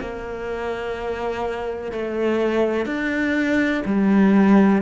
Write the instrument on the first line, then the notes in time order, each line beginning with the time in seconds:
cello
0.00 A#3
1.92 A3
2.86 D4
3.85 G3